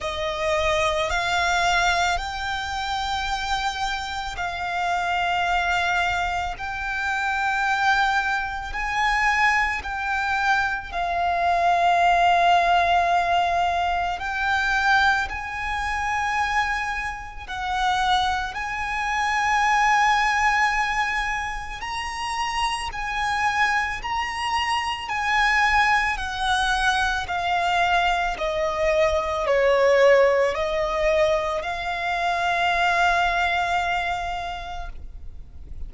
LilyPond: \new Staff \with { instrumentName = "violin" } { \time 4/4 \tempo 4 = 55 dis''4 f''4 g''2 | f''2 g''2 | gis''4 g''4 f''2~ | f''4 g''4 gis''2 |
fis''4 gis''2. | ais''4 gis''4 ais''4 gis''4 | fis''4 f''4 dis''4 cis''4 | dis''4 f''2. | }